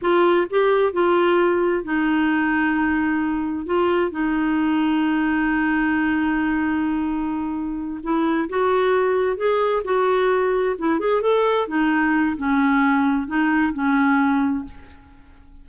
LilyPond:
\new Staff \with { instrumentName = "clarinet" } { \time 4/4 \tempo 4 = 131 f'4 g'4 f'2 | dis'1 | f'4 dis'2.~ | dis'1~ |
dis'4. e'4 fis'4.~ | fis'8 gis'4 fis'2 e'8 | gis'8 a'4 dis'4. cis'4~ | cis'4 dis'4 cis'2 | }